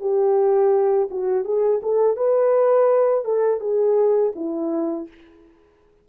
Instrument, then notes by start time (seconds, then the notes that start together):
horn
0.00 G4
1.10 F#4
1.44 G#4
1.82 A4
2.16 B4
3.24 A4
3.60 G#4
4.35 E4